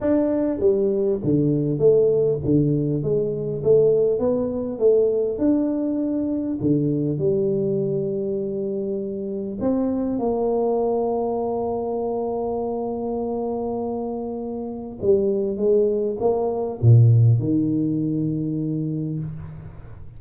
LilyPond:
\new Staff \with { instrumentName = "tuba" } { \time 4/4 \tempo 4 = 100 d'4 g4 d4 a4 | d4 gis4 a4 b4 | a4 d'2 d4 | g1 |
c'4 ais2.~ | ais1~ | ais4 g4 gis4 ais4 | ais,4 dis2. | }